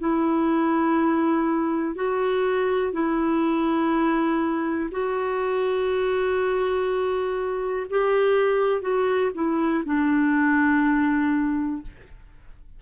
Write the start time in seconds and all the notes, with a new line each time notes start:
0.00 E4
1.96 F#4
2.93 E4
4.92 F#4
7.90 G4
8.82 F#4
9.35 E4
9.86 D4